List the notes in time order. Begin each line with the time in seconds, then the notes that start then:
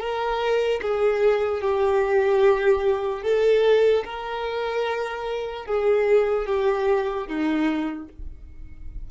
0.00 A#4
0.82 G#4
1.62 G4
3.23 A4
4.05 A#4
5.66 G#4
6.47 G4
7.28 D#4